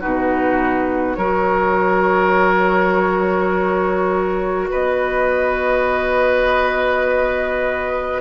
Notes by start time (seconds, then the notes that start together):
0.00 B2 D#4 F#4 B4
1.15 F#3 F#4 A#4 C#5
4.70 B3 B4 D#5